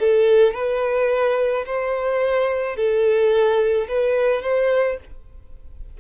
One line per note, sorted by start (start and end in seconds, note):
0.00 0.55 A4
0.55 1.66 B4
1.66 2.77 C5
2.77 3.88 A4
3.88 4.42 B4
4.42 4.98 C5